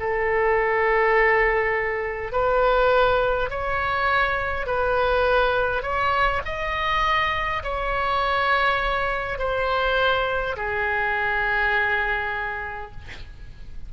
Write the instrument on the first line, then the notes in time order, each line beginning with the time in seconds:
oboe
0.00 A4
2.33 B4
3.50 C#5
4.67 B4
5.82 C#5
6.45 D#5
7.64 C#5
9.39 C5
10.57 G#4